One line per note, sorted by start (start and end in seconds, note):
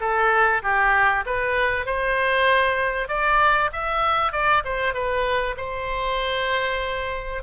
0.00 0.62 A4
0.62 1.24 G4
1.26 1.86 B4
1.86 3.08 C5
3.08 3.70 D5
3.72 4.32 E5
4.32 4.63 D5
4.64 4.93 C5
4.93 5.55 B4
5.57 7.42 C5